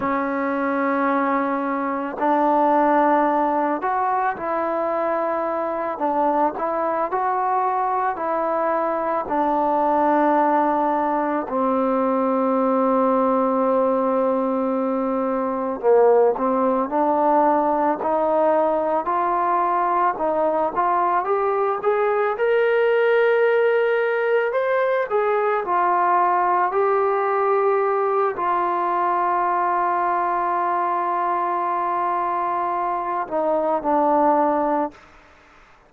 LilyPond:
\new Staff \with { instrumentName = "trombone" } { \time 4/4 \tempo 4 = 55 cis'2 d'4. fis'8 | e'4. d'8 e'8 fis'4 e'8~ | e'8 d'2 c'4.~ | c'2~ c'8 ais8 c'8 d'8~ |
d'8 dis'4 f'4 dis'8 f'8 g'8 | gis'8 ais'2 c''8 gis'8 f'8~ | f'8 g'4. f'2~ | f'2~ f'8 dis'8 d'4 | }